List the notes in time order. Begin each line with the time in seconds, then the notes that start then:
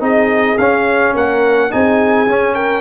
0.00 C4 D#4 G#4 D#5
0.58 C#4 F5
1.13 A#3 A#4 F#5
1.70 C4 D#4 G#4 G#5
2.27 C#4
2.55 A#4 G5